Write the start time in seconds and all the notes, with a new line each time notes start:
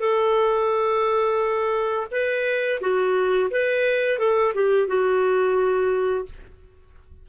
0.00 A4
2.11 B4
2.81 F#4
3.51 B4
4.19 A4
4.55 G4
4.87 F#4